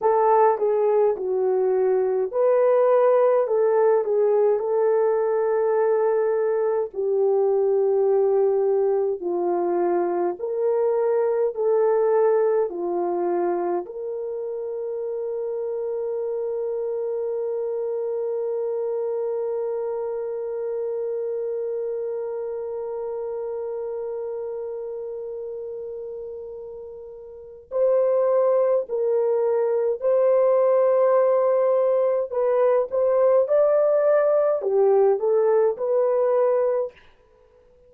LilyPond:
\new Staff \with { instrumentName = "horn" } { \time 4/4 \tempo 4 = 52 a'8 gis'8 fis'4 b'4 a'8 gis'8 | a'2 g'2 | f'4 ais'4 a'4 f'4 | ais'1~ |
ais'1~ | ais'1 | c''4 ais'4 c''2 | b'8 c''8 d''4 g'8 a'8 b'4 | }